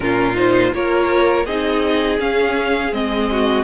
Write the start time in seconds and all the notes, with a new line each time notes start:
0.00 A#2 C#4 F4 A#4
0.34 D#4 C5
0.72 A#3 F4 A#4 C#5
1.45 C4 D#4 G#4 D#5
2.18 C#4 F5
2.92 G#3 C4 D#5
3.31 F#4